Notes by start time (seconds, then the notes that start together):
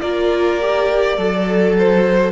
0.00 A#3 F4 A#4 D5
0.60 G4
1.17 F#3 A4
1.78 C5